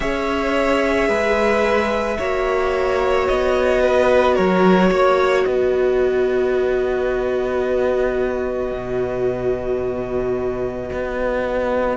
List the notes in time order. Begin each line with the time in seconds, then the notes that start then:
0.00 C#4 G#4 C#5 E5
1.08 G#3 B4
2.18 A#3 F#4 C#5
3.27 B3 D#5
3.81 B4
4.35 F#3 A#4 C#5
4.90 A#3 C#5
5.43 B3 B4 D#5
8.71 B2
10.92 B3